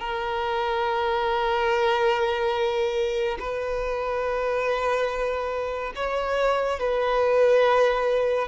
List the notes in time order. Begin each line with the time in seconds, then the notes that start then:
0.00 A#4
3.40 B4
5.95 C#5
6.80 B4